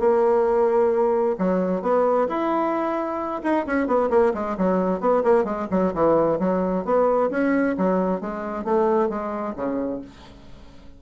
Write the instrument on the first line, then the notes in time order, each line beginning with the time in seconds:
bassoon
0.00 A#3
1.39 F#3
1.82 B3
2.29 E4
3.44 D#4
3.67 C#4
3.88 B3
4.11 A#3
4.35 G#3
4.58 F#3
5.01 B3
5.24 A#3
5.45 G#3
5.71 F#3
5.94 E3
6.40 F#3
6.85 B3
7.31 C#4
7.78 F#3
8.21 G#3
8.65 A3
9.10 G#3
9.56 C#3